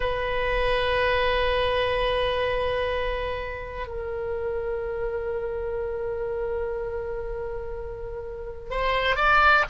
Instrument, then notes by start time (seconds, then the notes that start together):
oboe
0.00 B4
3.87 A#4
8.70 C5
9.16 D5